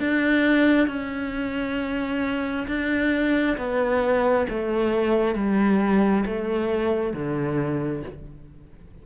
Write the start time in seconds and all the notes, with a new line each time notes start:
0.00 D4
0.88 C#4
2.68 D4
3.58 B3
4.50 A3
5.35 G3
6.26 A3
7.14 D3